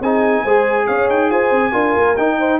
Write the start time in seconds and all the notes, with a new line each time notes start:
0.00 C4 D#4 G#4 G#5
0.44 G#3 G#4 C5
0.87 C#4 C#5 F5
1.09 D#4 G5
1.30 F4 C5 G#5
1.51 C4
1.72 D4 F4 A#4
1.96 A#3
2.17 D#4 G5
2.39 C5